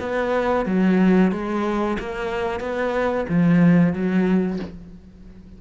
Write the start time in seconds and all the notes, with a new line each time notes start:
0.00 B3
0.66 F#3
1.32 G#3
1.99 A#3
2.60 B3
3.29 F3
3.94 F#3